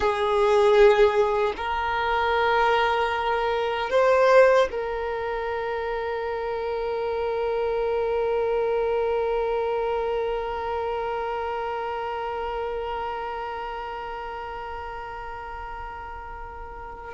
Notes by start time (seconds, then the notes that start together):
0.00 G#4
1.56 A#4
3.90 C5
4.70 A#4